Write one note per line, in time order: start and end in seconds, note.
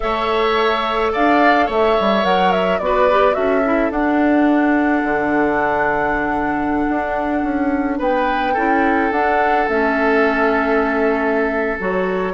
0.00 1.15 A3
0.00 2.23 A4
0.00 1.12 C#5
0.00 1.11 E5
1.12 1.69 D4
1.12 1.65 D5
1.12 1.70 F5
1.65 1.97 A3
1.65 2.78 C#5
1.65 2.24 E5
2.00 2.24 G3
2.23 2.79 F#3
2.23 2.79 A#4
2.23 2.52 F#5
2.52 2.79 E5
2.79 3.36 B3
2.79 3.10 F#4
2.79 3.34 D5
2.85 3.36 B4
3.10 3.32 G4
3.32 3.90 C#4
3.32 3.61 F#4
3.32 7.97 A4
3.32 3.90 E5
3.65 3.90 E4
3.90 5.02 D4
3.90 8.53 D4
3.90 7.98 F#5
5.03 6.86 D3
6.89 7.43 D4
7.43 7.99 C#4
7.97 8.55 B3
7.97 8.53 B4
7.97 9.12 G5
8.53 9.11 C#4
8.53 9.12 E4
8.53 12.32 A4
9.11 9.67 D4
9.11 9.68 F#5
9.67 11.79 A3
9.67 11.78 C#4
9.67 11.79 E5
11.79 12.34 F#3
11.79 12.34 F#4
11.79 12.34 C#5